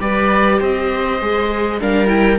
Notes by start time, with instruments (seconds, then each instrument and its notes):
0.00 cello G3, viola G4 B4, oboe D5
0.60 cello C4, viola C5, oboe D#5
1.21 cello G#3, viola G#4
1.81 cello G3, viola D4 A#4, oboe F5
2.07 viola E4, oboe G5